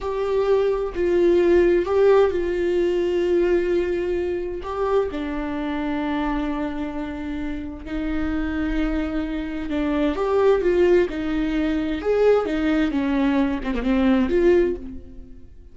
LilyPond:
\new Staff \with { instrumentName = "viola" } { \time 4/4 \tempo 4 = 130 g'2 f'2 | g'4 f'2.~ | f'2 g'4 d'4~ | d'1~ |
d'4 dis'2.~ | dis'4 d'4 g'4 f'4 | dis'2 gis'4 dis'4 | cis'4. c'16 ais16 c'4 f'4 | }